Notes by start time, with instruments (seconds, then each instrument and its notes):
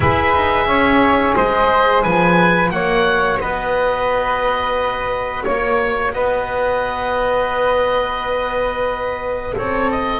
0.00 double bass E4, horn G#4, flute B4, oboe E5
0.34 double bass D#4
0.66 double bass C#4, flute C#5
1.36 double bass G#3, flute C5, oboe D#5
2.03 double bass F3, flute B4, oboe G#5
2.68 double bass A#3, horn F#4, flute C#5, oboe F#5
3.39 double bass B3, flute B4, oboe D#5
5.43 double bass A#3, oboe C#5, flute C#5
6.13 double bass B3, flute B4, oboe D#5
9.54 double bass C4, flute A4, oboe C#5
9.91 oboe D#5